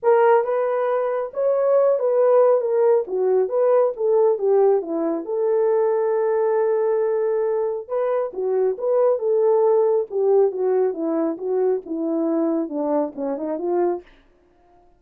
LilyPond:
\new Staff \with { instrumentName = "horn" } { \time 4/4 \tempo 4 = 137 ais'4 b'2 cis''4~ | cis''8 b'4. ais'4 fis'4 | b'4 a'4 g'4 e'4 | a'1~ |
a'2 b'4 fis'4 | b'4 a'2 g'4 | fis'4 e'4 fis'4 e'4~ | e'4 d'4 cis'8 dis'8 f'4 | }